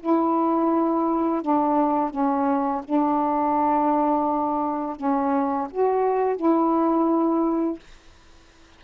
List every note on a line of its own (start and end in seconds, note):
0.00 1.42 E4
1.42 2.10 D4
2.10 2.82 C#4
2.84 4.97 D4
4.97 5.68 C#4
5.71 6.37 F#4
6.37 7.80 E4